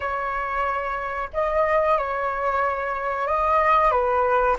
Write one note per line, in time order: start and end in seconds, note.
0.00 1.29 C#5
1.33 1.97 D#5
1.97 3.27 C#5
3.27 3.91 D#5
3.91 4.56 B4